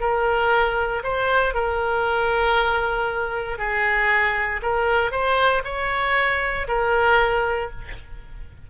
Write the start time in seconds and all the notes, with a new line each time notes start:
0.00 A#4
1.03 C5
1.54 A#4
3.58 G#4
4.62 A#4
5.11 C5
5.64 C#5
6.67 A#4